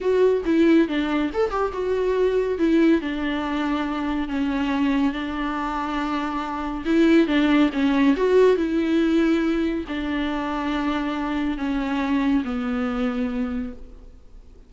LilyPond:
\new Staff \with { instrumentName = "viola" } { \time 4/4 \tempo 4 = 140 fis'4 e'4 d'4 a'8 g'8 | fis'2 e'4 d'4~ | d'2 cis'2 | d'1 |
e'4 d'4 cis'4 fis'4 | e'2. d'4~ | d'2. cis'4~ | cis'4 b2. | }